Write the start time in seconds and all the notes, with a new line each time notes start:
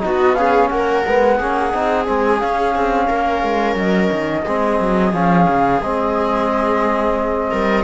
0.00 B3 D#4 F#4 D#5
0.35 C#4 G#4 F5
0.69 A#3 A#4 F#5
1.08 G#3 B3
1.38 A#3 C#4 G#4
1.73 C4 D#4
2.06 G#3 C4 G#5
2.40 C#4 F5
2.75 C4
3.07 A#3 A#4
3.43 G#3
3.76 F#3 D#5
4.12 D#3
4.45 G#3 C4 G#4
4.80 F#3
5.13 F3 C#4 F5
5.49 C#3
5.81 G#3 C4 D#5
7.51 G3 A#4